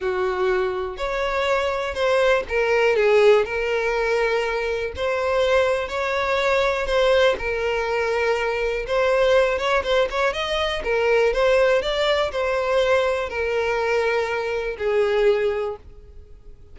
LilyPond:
\new Staff \with { instrumentName = "violin" } { \time 4/4 \tempo 4 = 122 fis'2 cis''2 | c''4 ais'4 gis'4 ais'4~ | ais'2 c''2 | cis''2 c''4 ais'4~ |
ais'2 c''4. cis''8 | c''8 cis''8 dis''4 ais'4 c''4 | d''4 c''2 ais'4~ | ais'2 gis'2 | }